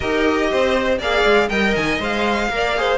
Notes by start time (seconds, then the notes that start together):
0.00 D#4 G4 A#4 D#5
0.51 C4 C5
0.98 A#3 G#4 D5 F5
1.24 G#3
1.49 G3 A#4 D#5 G5
1.75 D#3 G#5
1.99 G#3 C5 F5
2.48 A#3 A#4
2.55 D5
2.76 G#4 C5